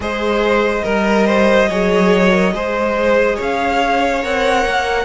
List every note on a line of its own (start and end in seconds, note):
0.00 0.83 G#3
0.00 0.82 G#4
0.00 0.84 C5
0.00 3.39 D#5
0.83 1.69 G3
0.83 1.67 A#4
0.83 1.26 A#4
1.26 1.68 C5
1.68 2.53 F#3
1.68 2.31 G#4
1.68 2.53 C#5
2.31 2.52 A#4
2.53 3.37 G#3
2.53 4.21 G#4
2.53 3.35 C5
3.35 4.24 C#4
3.35 5.04 C#5
3.35 4.24 F5
4.21 4.65 C4
4.21 5.05 A#4
4.21 5.05 F#5
4.65 5.05 A#3